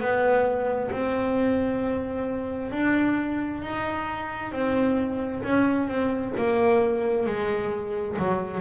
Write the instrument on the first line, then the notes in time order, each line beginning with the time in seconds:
double bass
0.00 B3
0.91 C4
2.72 D4
3.62 D#4
4.52 C4
5.44 C#4
5.88 C4
6.37 A#3
7.26 G#3
8.19 F#3